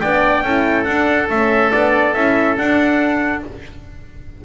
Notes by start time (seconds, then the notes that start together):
0.00 B3 D4 D5 G5
0.42 C#4 E4 A4
0.84 D4 F#5
1.29 A3 C#4 E5
1.71 B3 D4 D5
2.14 C#4 E4 E5
2.56 D4 F#5